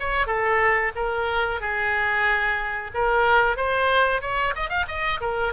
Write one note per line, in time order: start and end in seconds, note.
0.00 0.27 C#5
0.27 0.92 A4
0.96 1.61 A#4
1.61 2.91 G#4
2.94 3.57 A#4
3.57 4.22 C5
4.22 4.54 C#5
4.56 4.70 D#5
4.70 4.86 F5
4.88 5.21 D#5
5.21 5.53 A#4